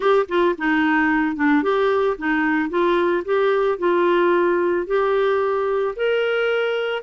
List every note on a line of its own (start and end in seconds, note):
0.00 0.26 G4
0.28 0.55 F4
0.58 1.35 D#4
1.35 1.62 D4
1.62 2.16 G4
2.18 2.69 D#4
2.69 3.23 F4
3.24 3.78 G4
3.78 4.86 F4
4.86 5.95 G4
5.96 7.02 A#4